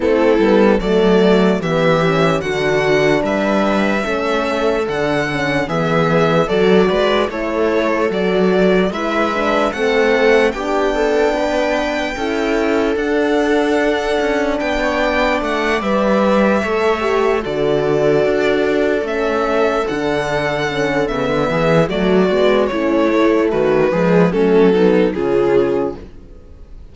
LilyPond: <<
  \new Staff \with { instrumentName = "violin" } { \time 4/4 \tempo 4 = 74 a'4 d''4 e''4 fis''4 | e''2 fis''4 e''4 | d''4 cis''4 d''4 e''4 | fis''4 g''2. |
fis''2 g''4 fis''8 e''8~ | e''4. d''2 e''8~ | e''8 fis''4. e''4 d''4 | cis''4 b'4 a'4 gis'4 | }
  \new Staff \with { instrumentName = "viola" } { \time 4/4 e'4 a'4 g'4 fis'4 | b'4 a'2 gis'4 | a'8 b'8 a'2 b'4 | a'4 g'8 a'8 b'4 a'4~ |
a'2 b'16 cis''16 d''4.~ | d''8 cis''4 a'2~ a'8~ | a'2~ a'8 gis'8 fis'4 | e'4 fis'8 gis'8 cis'8 dis'8 f'4 | }
  \new Staff \with { instrumentName = "horn" } { \time 4/4 c'8 b8 a4 b8 cis'8 d'4~ | d'4 cis'4 d'8 cis'8 b4 | fis'4 e'4 fis'4 e'8 d'8 | c'4 d'2 e'4 |
d'2.~ d'8 b'8~ | b'8 a'8 g'8 fis'2 cis'8~ | cis'8 d'4 cis'8 b4 a8 b8 | cis'8 a4 gis8 a8 b8 cis'4 | }
  \new Staff \with { instrumentName = "cello" } { \time 4/4 a8 g8 fis4 e4 d4 | g4 a4 d4 e4 | fis8 gis8 a4 fis4 gis4 | a4 b2 cis'4 |
d'4. cis'8 b4 a8 g8~ | g8 a4 d4 d'4 a8~ | a8 d4. cis16 d16 e8 fis8 gis8 | a4 dis8 f8 fis4 cis4 | }
>>